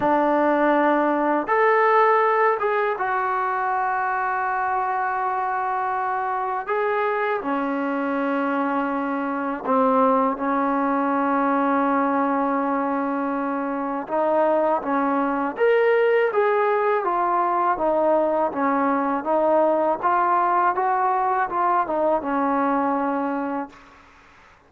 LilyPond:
\new Staff \with { instrumentName = "trombone" } { \time 4/4 \tempo 4 = 81 d'2 a'4. gis'8 | fis'1~ | fis'4 gis'4 cis'2~ | cis'4 c'4 cis'2~ |
cis'2. dis'4 | cis'4 ais'4 gis'4 f'4 | dis'4 cis'4 dis'4 f'4 | fis'4 f'8 dis'8 cis'2 | }